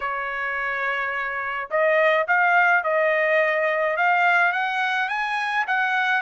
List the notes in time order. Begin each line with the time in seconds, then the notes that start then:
0.00 C#5
1.70 D#5
2.27 F5
2.83 D#5
3.96 F5
4.52 F#5
5.08 G#5
5.67 F#5